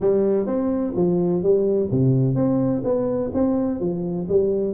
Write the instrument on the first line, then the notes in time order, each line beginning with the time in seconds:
tuba
0.01 G3
0.46 C4
0.95 F3
1.42 G3
1.91 C3
2.35 C4
2.83 B3
3.33 C4
3.80 F3
4.28 G3